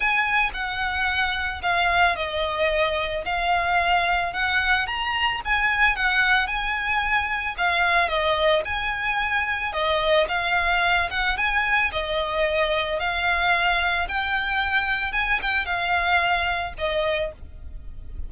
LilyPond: \new Staff \with { instrumentName = "violin" } { \time 4/4 \tempo 4 = 111 gis''4 fis''2 f''4 | dis''2 f''2 | fis''4 ais''4 gis''4 fis''4 | gis''2 f''4 dis''4 |
gis''2 dis''4 f''4~ | f''8 fis''8 gis''4 dis''2 | f''2 g''2 | gis''8 g''8 f''2 dis''4 | }